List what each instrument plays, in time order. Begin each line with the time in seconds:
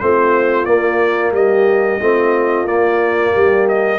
0.00 tuba A3, trombone C4, horn F4, trumpet C5
0.65 tuba A#3, trombone A#3, trumpet D5
1.32 tuba G3, horn G4, trumpet D#5
2.01 tuba A3, trombone C4, horn F4
2.65 tuba A#3, trombone A#3, trumpet D5
3.33 tuba G3, horn G4
3.69 trumpet D#5